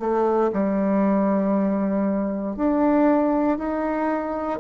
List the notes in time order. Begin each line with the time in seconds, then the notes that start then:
0.00 A3
0.53 G3
2.57 D4
3.58 D#4